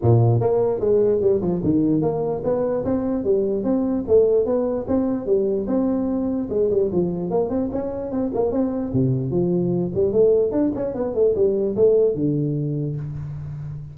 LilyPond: \new Staff \with { instrumentName = "tuba" } { \time 4/4 \tempo 4 = 148 ais,4 ais4 gis4 g8 f8 | dis4 ais4 b4 c'4 | g4 c'4 a4 b4 | c'4 g4 c'2 |
gis8 g8 f4 ais8 c'8 cis'4 | c'8 ais8 c'4 c4 f4~ | f8 g8 a4 d'8 cis'8 b8 a8 | g4 a4 d2 | }